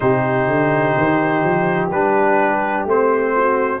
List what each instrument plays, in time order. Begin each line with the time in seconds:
0.00 tuba C3, trombone D#4, horn G4, trumpet C5
0.47 tuba D3
0.97 tuba D#3
1.43 tuba F3
1.90 tuba G3, trombone D4, trumpet B4
2.85 tuba A3, trombone C4, trumpet C5
3.36 horn F#4